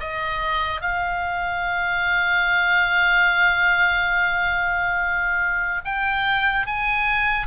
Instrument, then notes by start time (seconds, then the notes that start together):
oboe
0.00 D#5
0.81 F5
5.85 G5
6.67 G#5